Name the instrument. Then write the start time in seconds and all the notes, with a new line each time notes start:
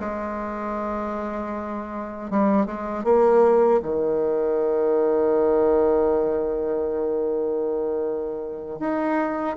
bassoon
0.00 G#3
2.31 G3
2.66 G#3
3.04 A#3
3.83 D#3
8.80 D#4